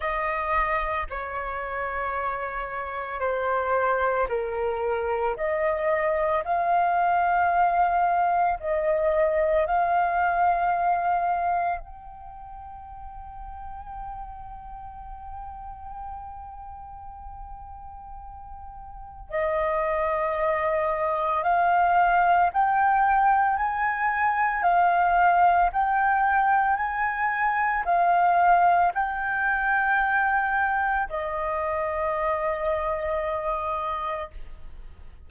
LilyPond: \new Staff \with { instrumentName = "flute" } { \time 4/4 \tempo 4 = 56 dis''4 cis''2 c''4 | ais'4 dis''4 f''2 | dis''4 f''2 g''4~ | g''1~ |
g''2 dis''2 | f''4 g''4 gis''4 f''4 | g''4 gis''4 f''4 g''4~ | g''4 dis''2. | }